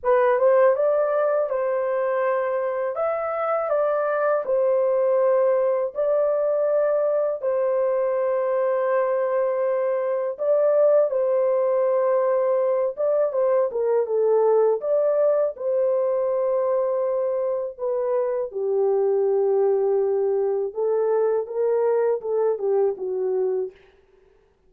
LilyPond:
\new Staff \with { instrumentName = "horn" } { \time 4/4 \tempo 4 = 81 b'8 c''8 d''4 c''2 | e''4 d''4 c''2 | d''2 c''2~ | c''2 d''4 c''4~ |
c''4. d''8 c''8 ais'8 a'4 | d''4 c''2. | b'4 g'2. | a'4 ais'4 a'8 g'8 fis'4 | }